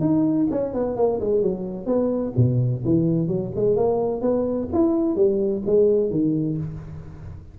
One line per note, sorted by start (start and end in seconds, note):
0.00 0.47 D#4
0.50 0.73 C#4
0.73 0.96 B3
0.96 1.19 A#3
1.20 1.42 G#3
1.42 1.86 F#3
1.86 2.32 B3
2.36 2.83 B2
2.84 3.27 E3
3.27 3.50 F#3
3.55 3.75 G#3
3.75 4.21 A#3
4.21 4.68 B3
4.73 5.15 E4
5.15 5.62 G3
5.65 6.10 G#3
6.10 6.57 D#3